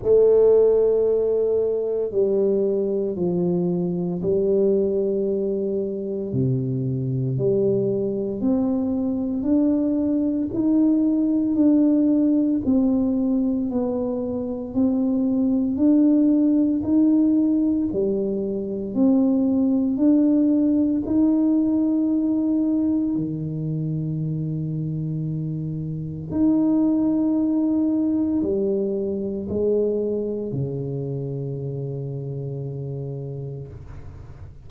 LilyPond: \new Staff \with { instrumentName = "tuba" } { \time 4/4 \tempo 4 = 57 a2 g4 f4 | g2 c4 g4 | c'4 d'4 dis'4 d'4 | c'4 b4 c'4 d'4 |
dis'4 g4 c'4 d'4 | dis'2 dis2~ | dis4 dis'2 g4 | gis4 cis2. | }